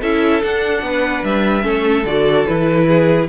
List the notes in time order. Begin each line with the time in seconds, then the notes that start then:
0.00 C#4 E4 A4 E5
0.42 D4 F#5
0.82 B3 B4
1.23 G3 E5
1.61 A3 C#4 A4
2.04 D3 F#4 D5
2.46 E3 E4 B4
2.87 G#4